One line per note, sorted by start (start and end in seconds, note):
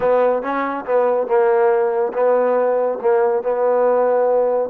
0.00 0.42 B3
0.42 0.84 C#4
0.85 1.27 B3
1.27 2.12 A#3
2.13 2.98 B3
3.01 3.43 A#3
3.43 4.69 B3